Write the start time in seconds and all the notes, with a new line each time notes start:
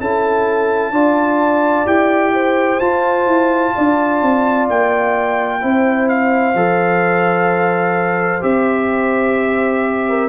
0.00 C#4 E4 A4 A5
0.91 D4 F4 D5
1.86 E4 G4 G5
2.34 C5
2.80 F4 A5
3.26 E4
3.75 D4 D5
4.22 C4
4.70 A#3 G5
5.61 C4 E4 C5
6.09 F5
6.54 F3 A4
8.41 C4 G4 E5
10.08 A#4